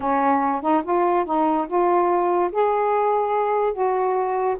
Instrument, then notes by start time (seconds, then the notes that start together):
saxophone
0.00 C#4
0.61 D#4
0.83 F4
1.25 D#4
1.67 F4
2.52 G#4
3.73 F#4